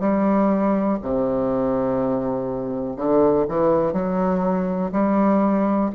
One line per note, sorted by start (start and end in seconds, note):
0.00 0.98 G3
1.01 2.96 C3
2.96 3.46 D3
3.48 3.93 E3
3.93 4.91 F#3
4.92 5.90 G3